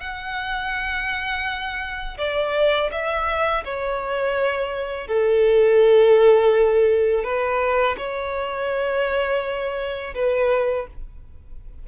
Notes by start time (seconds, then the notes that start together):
0.00 F#5
2.18 D5
2.91 E5
3.64 C#5
5.07 A4
7.23 B4
7.97 C#5
10.14 B4